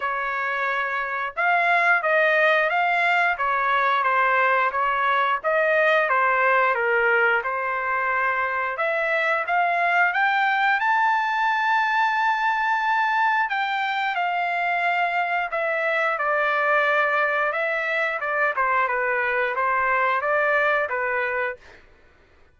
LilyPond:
\new Staff \with { instrumentName = "trumpet" } { \time 4/4 \tempo 4 = 89 cis''2 f''4 dis''4 | f''4 cis''4 c''4 cis''4 | dis''4 c''4 ais'4 c''4~ | c''4 e''4 f''4 g''4 |
a''1 | g''4 f''2 e''4 | d''2 e''4 d''8 c''8 | b'4 c''4 d''4 b'4 | }